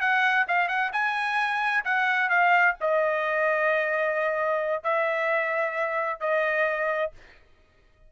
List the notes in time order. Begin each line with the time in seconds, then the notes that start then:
0.00 F#5
0.48 F5
0.68 F#5
0.93 G#5
1.85 F#5
2.29 F5
2.80 D#5
4.83 E5
6.20 D#5